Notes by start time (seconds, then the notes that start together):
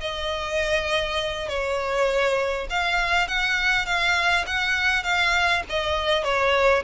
0.00 D#5
1.48 C#5
2.69 F5
3.28 F#5
3.85 F5
4.46 F#5
5.03 F5
5.69 D#5
6.23 C#5